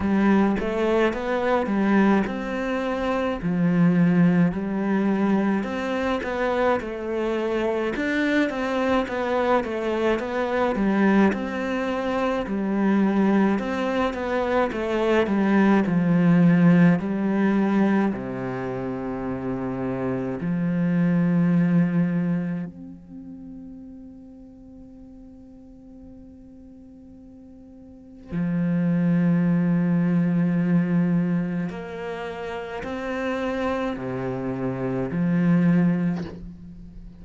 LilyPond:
\new Staff \with { instrumentName = "cello" } { \time 4/4 \tempo 4 = 53 g8 a8 b8 g8 c'4 f4 | g4 c'8 b8 a4 d'8 c'8 | b8 a8 b8 g8 c'4 g4 | c'8 b8 a8 g8 f4 g4 |
c2 f2 | c'1~ | c'4 f2. | ais4 c'4 c4 f4 | }